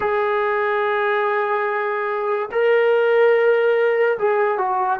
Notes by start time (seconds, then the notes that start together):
0.00 G#4
2.51 A#4
4.18 G#4
4.58 F#4